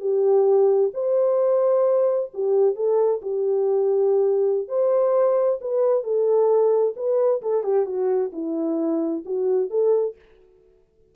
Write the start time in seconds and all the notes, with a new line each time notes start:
0.00 G4
0.94 C5
2.33 G4
2.75 A4
3.22 G4
4.68 C5
5.61 B4
6.03 A4
6.96 B4
7.42 A4
7.63 G4
7.85 F#4
8.32 E4
9.25 F#4
9.70 A4